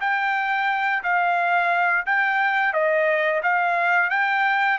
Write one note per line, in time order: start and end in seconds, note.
0.00 1.02 G5
1.03 2.05 F5
2.05 2.73 G5
2.73 3.41 D#5
3.42 4.10 F5
4.10 4.78 G5